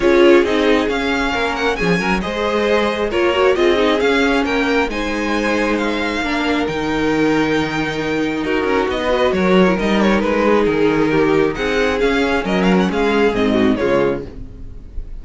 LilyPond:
<<
  \new Staff \with { instrumentName = "violin" } { \time 4/4 \tempo 4 = 135 cis''4 dis''4 f''4. fis''8 | gis''4 dis''2 cis''4 | dis''4 f''4 g''4 gis''4~ | gis''4 f''2 g''4~ |
g''2. ais'4 | dis''4 cis''4 dis''8 cis''8 b'4 | ais'2 fis''4 f''4 | dis''8 f''16 fis''16 f''4 dis''4 cis''4 | }
  \new Staff \with { instrumentName = "violin" } { \time 4/4 gis'2. ais'4 | gis'8 ais'8 c''2 ais'4 | gis'2 ais'4 c''4~ | c''2 ais'2~ |
ais'2. fis'4~ | fis'16 b'8. ais'2~ ais'8 gis'8~ | gis'4 g'4 gis'2 | ais'4 gis'4. fis'8 f'4 | }
  \new Staff \with { instrumentName = "viola" } { \time 4/4 f'4 dis'4 cis'2~ | cis'4 gis'2 f'8 fis'8 | f'8 dis'8 cis'2 dis'4~ | dis'2 d'4 dis'4~ |
dis'1~ | dis'8 fis'4~ fis'16 e'16 dis'2~ | dis'2. cis'4~ | cis'2 c'4 gis4 | }
  \new Staff \with { instrumentName = "cello" } { \time 4/4 cis'4 c'4 cis'4 ais4 | f8 fis8 gis2 ais4 | c'4 cis'4 ais4 gis4~ | gis2 ais4 dis4~ |
dis2. dis'8 cis'8 | b4 fis4 g4 gis4 | dis2 c'4 cis'4 | fis4 gis4 gis,4 cis4 | }
>>